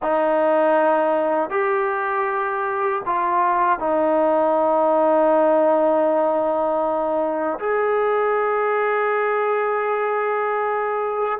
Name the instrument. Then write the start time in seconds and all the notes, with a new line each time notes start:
trombone
0.02 D#4
1.50 G4
3.05 F4
3.79 D#4
7.59 G#4